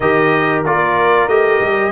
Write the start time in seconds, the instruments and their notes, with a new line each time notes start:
0.00 tuba D#3, trombone G4, horn A#4, trumpet D#5
0.65 tuba A#3, trombone F4, trumpet D5
1.27 tuba A3, trombone G4, trumpet D#5
1.60 tuba G3